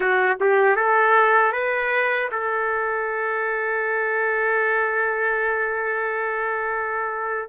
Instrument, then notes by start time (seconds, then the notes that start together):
trumpet
0.00 F#4
0.40 G4
0.76 A4
1.52 B4
2.31 A4